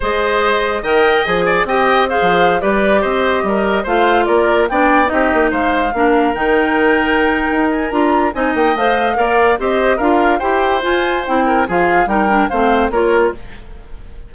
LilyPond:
<<
  \new Staff \with { instrumentName = "flute" } { \time 4/4 \tempo 4 = 144 dis''2 g''4 gis''4 | g''4 f''4~ f''16 d''4 dis''8.~ | dis''4~ dis''16 f''4 d''4 g''8.~ | g''16 dis''4 f''2 g''8.~ |
g''2~ g''8 gis''8 ais''4 | gis''8 g''8 f''2 dis''4 | f''4 g''4 gis''4 g''4 | f''4 g''4 f''4 cis''4 | }
  \new Staff \with { instrumentName = "oboe" } { \time 4/4 c''2 dis''4. d''8 | dis''4 c''4~ c''16 b'4 c''8.~ | c''16 ais'4 c''4 ais'4 d''8.~ | d''16 g'4 c''4 ais'4.~ ais'16~ |
ais'1 | dis''2 d''4 c''4 | ais'4 c''2~ c''8 ais'8 | gis'4 ais'4 c''4 ais'4 | }
  \new Staff \with { instrumentName = "clarinet" } { \time 4/4 gis'2 ais'4 gis'4 | g'4 gis'4~ gis'16 g'4.~ g'16~ | g'4~ g'16 f'2 d'8.~ | d'16 dis'2 d'4 dis'8.~ |
dis'2. f'4 | dis'4 c''4 ais'4 g'4 | f'4 g'4 f'4 e'4 | f'4 dis'8 d'8 c'4 f'4 | }
  \new Staff \with { instrumentName = "bassoon" } { \time 4/4 gis2 dis4 f4 | c'4~ c'16 f4 g4 c'8.~ | c'16 g4 a4 ais4 b8.~ | b16 c'8 ais8 gis4 ais4 dis8.~ |
dis2 dis'4 d'4 | c'8 ais8 a4 ais4 c'4 | d'4 e'4 f'4 c'4 | f4 g4 a4 ais4 | }
>>